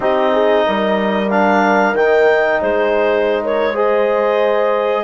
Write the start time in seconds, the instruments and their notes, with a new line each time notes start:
0.00 bassoon C4, trombone D#4, horn G4, clarinet D#5
0.32 horn G#4
0.66 bassoon G3, horn A#4
1.30 trombone D4, clarinet F5
1.93 bassoon D#3, trombone D#4, clarinet G5
2.61 bassoon G#3, horn G#4, clarinet C5
3.43 horn A#4, clarinet C#5
3.73 trombone G#4, horn C5, clarinet D#5